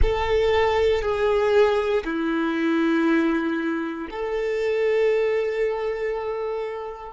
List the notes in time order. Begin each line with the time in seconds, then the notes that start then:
0.02 A4
1.02 G#4
2.04 E4
4.10 A4